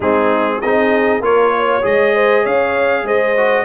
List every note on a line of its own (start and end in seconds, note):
0.00 0.59 G#3
0.00 0.62 C4
0.00 0.57 D#4
0.00 0.61 G#4
0.61 1.20 C4
0.61 1.22 D#4
0.61 1.23 G#4
0.61 1.22 D#5
1.20 1.81 A#3
1.20 1.82 F4
1.20 1.54 A#4
1.20 1.85 C#5
1.56 2.14 C#5
1.82 2.45 G#3
1.82 3.35 G#4
1.82 2.45 D#5
2.14 2.42 C5
2.42 3.03 C#4
2.42 3.03 C#5
2.42 3.07 F5
3.03 3.64 G#3
3.03 3.65 C5
3.03 3.65 D#5
3.37 3.65 F#4